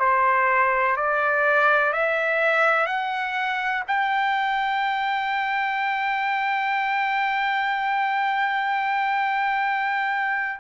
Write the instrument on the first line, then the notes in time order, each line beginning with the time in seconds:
trumpet
0.00 C5
0.97 D5
1.93 E5
2.87 F#5
3.88 G5